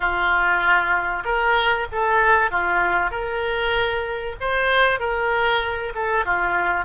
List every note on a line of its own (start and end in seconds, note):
0.00 1.23 F4
1.24 1.87 A#4
1.91 2.50 A4
2.50 3.11 F4
3.11 4.36 A#4
4.40 4.99 C5
4.99 5.93 A#4
5.94 6.25 A4
6.25 6.85 F4